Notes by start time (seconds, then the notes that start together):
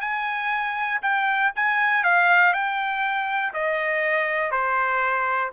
0.00 G#5
1.02 G5
1.55 G#5
2.03 F5
2.53 G5
3.53 D#5
4.51 C5